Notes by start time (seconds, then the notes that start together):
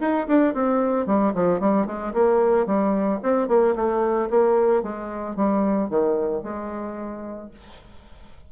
0.00 D#4
0.27 D4
0.54 C4
1.06 G3
1.34 F3
1.59 G3
1.86 G#3
2.13 A#3
2.66 G3
3.22 C4
3.47 A#3
3.75 A3
4.29 A#3
4.82 G#3
5.36 G3
5.89 D#3
6.43 G#3